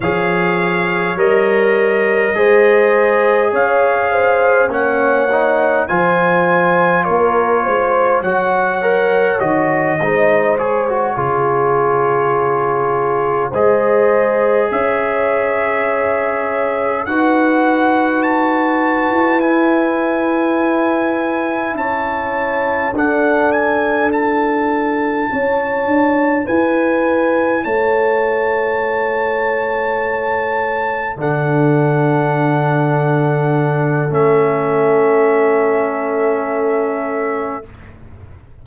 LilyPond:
<<
  \new Staff \with { instrumentName = "trumpet" } { \time 4/4 \tempo 4 = 51 f''4 dis''2 f''4 | fis''4 gis''4 cis''4 fis''4 | dis''4 cis''2~ cis''8 dis''8~ | dis''8 e''2 fis''4 a''8~ |
a''8 gis''2 a''4 fis''8 | gis''8 a''2 gis''4 a''8~ | a''2~ a''8 fis''4.~ | fis''4 e''2. | }
  \new Staff \with { instrumentName = "horn" } { \time 4/4 cis''2 c''4 cis''8 c''8 | cis''4 c''4 ais'8 c''8 cis''4~ | cis''8 c''4 gis'2 c''8~ | c''8 cis''2 b'4.~ |
b'2~ b'8 cis''4 a'8~ | a'4. cis''4 b'4 cis''8~ | cis''2~ cis''8 a'4.~ | a'1 | }
  \new Staff \with { instrumentName = "trombone" } { \time 4/4 gis'4 ais'4 gis'2 | cis'8 dis'8 f'2 fis'8 ais'8 | fis'8 dis'8 gis'16 fis'16 f'2 gis'8~ | gis'2~ gis'8 fis'4.~ |
fis'8 e'2. d'8~ | d'8 e'2.~ e'8~ | e'2~ e'8 d'4.~ | d'4 cis'2. | }
  \new Staff \with { instrumentName = "tuba" } { \time 4/4 f4 g4 gis4 cis'4 | ais4 f4 ais8 gis8 fis4 | dis8 gis4 cis2 gis8~ | gis8 cis'2 dis'4.~ |
dis'16 e'2~ e'16 cis'4 d'8~ | d'4. cis'8 d'8 e'4 a8~ | a2~ a8 d4.~ | d4 a2. | }
>>